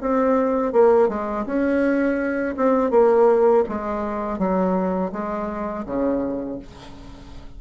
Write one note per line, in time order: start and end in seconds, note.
0.00 0.73 C4
0.73 1.08 A#3
1.08 1.45 G#3
1.45 2.55 C#4
2.56 2.90 C4
2.90 3.64 A#3
3.68 4.38 G#3
4.38 5.11 F#3
5.12 5.85 G#3
5.85 6.59 C#3